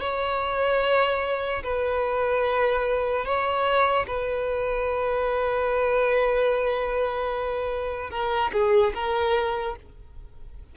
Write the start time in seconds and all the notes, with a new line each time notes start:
0.00 C#5
1.63 B4
3.25 C#5
4.07 B4
8.10 A#4
8.52 G#4
8.94 A#4